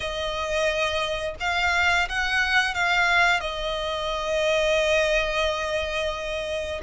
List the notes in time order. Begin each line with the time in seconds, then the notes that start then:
0.00 D#5
1.40 F5
2.08 F#5
2.74 F5
3.40 D#5